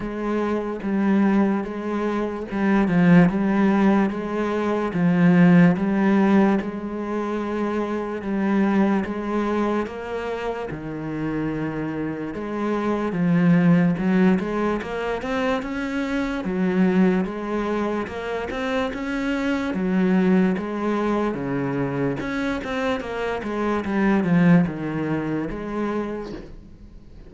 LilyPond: \new Staff \with { instrumentName = "cello" } { \time 4/4 \tempo 4 = 73 gis4 g4 gis4 g8 f8 | g4 gis4 f4 g4 | gis2 g4 gis4 | ais4 dis2 gis4 |
f4 fis8 gis8 ais8 c'8 cis'4 | fis4 gis4 ais8 c'8 cis'4 | fis4 gis4 cis4 cis'8 c'8 | ais8 gis8 g8 f8 dis4 gis4 | }